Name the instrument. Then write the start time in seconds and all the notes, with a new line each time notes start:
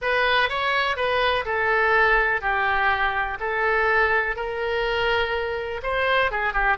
oboe
0.01 B4
0.49 C#5
0.96 B4
1.45 A4
2.41 G4
3.40 A4
4.36 A#4
5.82 C5
6.31 G#4
6.53 G4